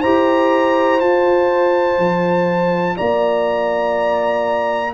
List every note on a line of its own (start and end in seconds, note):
0.00 1.01 E4
0.00 1.01 G4
0.00 2.95 C5
0.00 0.99 A#5
0.99 1.98 F4
0.99 4.93 F4
0.99 2.96 A5
1.98 2.96 F3
2.97 4.93 A#3
2.97 4.93 D5
2.97 4.93 A#5